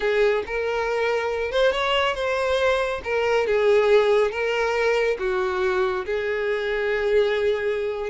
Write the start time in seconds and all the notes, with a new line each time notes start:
0.00 G#4
0.46 A#4
1.51 C5
1.71 C#5
2.14 C5
3.04 A#4
3.46 G#4
4.31 A#4
5.19 F#4
6.05 G#4